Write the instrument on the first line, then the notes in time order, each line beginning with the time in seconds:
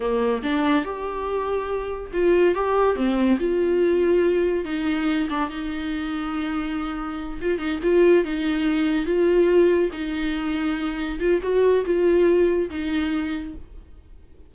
viola
0.00 A#3
0.42 D4
0.85 G4
2.13 F4
2.54 G4
2.95 C4
3.39 F4
4.65 D#4
5.29 D4
5.49 D#4
7.41 F4
7.58 D#4
7.82 F4
8.24 D#4
9.05 F4
9.92 D#4
11.19 F4
11.42 F#4
11.85 F4
12.70 D#4